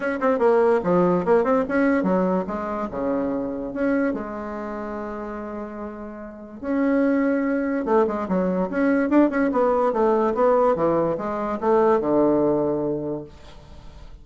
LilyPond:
\new Staff \with { instrumentName = "bassoon" } { \time 4/4 \tempo 4 = 145 cis'8 c'8 ais4 f4 ais8 c'8 | cis'4 fis4 gis4 cis4~ | cis4 cis'4 gis2~ | gis1 |
cis'2. a8 gis8 | fis4 cis'4 d'8 cis'8 b4 | a4 b4 e4 gis4 | a4 d2. | }